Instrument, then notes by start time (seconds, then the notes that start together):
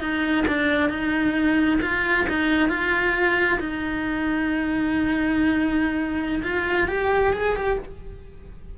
cello
0.00 D#4
0.47 D4
0.89 D#4
1.81 F4
2.29 D#4
2.69 F4
3.60 D#4
6.43 F4
6.88 G4
7.33 G#4
7.56 G4